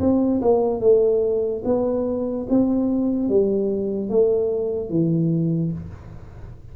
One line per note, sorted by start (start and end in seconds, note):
0.00 0.41 C4
0.41 0.80 A#3
0.80 1.63 A3
1.65 2.47 B3
2.50 3.29 C4
3.29 4.09 G3
4.09 4.90 A3
4.90 5.72 E3